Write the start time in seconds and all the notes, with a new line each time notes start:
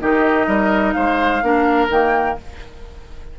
0.00 D#3 D#4 G4 D#5
0.47 G3 A#4
0.93 G#3 C5 F5
1.42 A#3 D4 A#4
1.89 D#3 A#3 G5